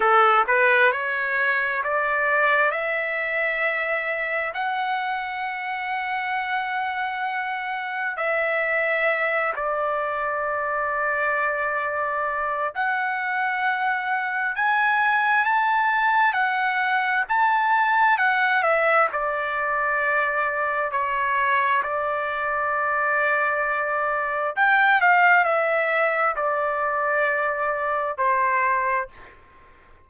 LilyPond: \new Staff \with { instrumentName = "trumpet" } { \time 4/4 \tempo 4 = 66 a'8 b'8 cis''4 d''4 e''4~ | e''4 fis''2.~ | fis''4 e''4. d''4.~ | d''2 fis''2 |
gis''4 a''4 fis''4 a''4 | fis''8 e''8 d''2 cis''4 | d''2. g''8 f''8 | e''4 d''2 c''4 | }